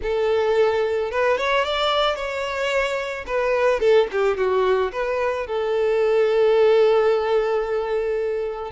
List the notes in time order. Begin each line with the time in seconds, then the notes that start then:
0.02 A4
1.11 B4
1.37 C#5
1.64 D5
2.15 C#5
3.26 B4
3.80 A4
4.11 G4
4.37 F#4
4.92 B4
5.47 A4